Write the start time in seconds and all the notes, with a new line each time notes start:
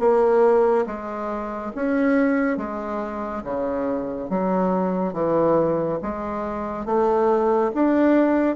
0.00 A#3
0.87 G#3
1.76 C#4
2.58 G#3
3.44 C#3
4.30 F#3
5.14 E3
6.03 G#3
6.86 A3
7.75 D4